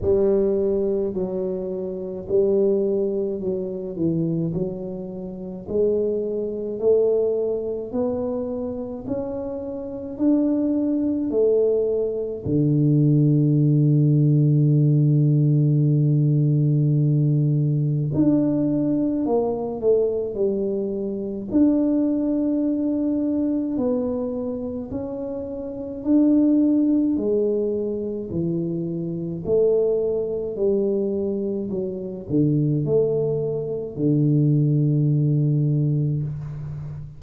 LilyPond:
\new Staff \with { instrumentName = "tuba" } { \time 4/4 \tempo 4 = 53 g4 fis4 g4 fis8 e8 | fis4 gis4 a4 b4 | cis'4 d'4 a4 d4~ | d1 |
d'4 ais8 a8 g4 d'4~ | d'4 b4 cis'4 d'4 | gis4 e4 a4 g4 | fis8 d8 a4 d2 | }